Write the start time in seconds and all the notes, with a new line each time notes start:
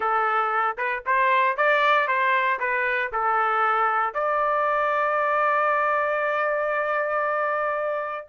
0.00 A4
0.77 B4
1.06 C5
1.56 D5
2.07 C5
2.59 B4
3.12 A4
4.14 D5